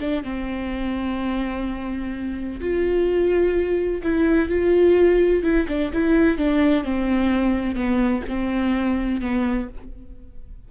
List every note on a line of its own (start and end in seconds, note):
0.00 0.24 D4
0.24 2.60 C4
2.60 4.02 F4
4.03 4.49 E4
4.49 5.43 F4
5.43 5.67 E4
5.68 5.92 D4
5.94 6.38 E4
6.38 6.84 D4
6.84 7.75 C4
7.75 8.23 B3
8.29 9.21 C4
9.21 9.68 B3